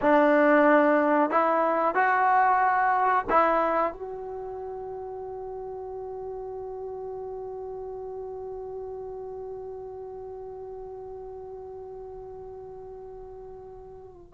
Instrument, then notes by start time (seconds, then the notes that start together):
trombone
0.01 D4
1.30 E4
1.94 F#4
3.29 E4
3.93 F#4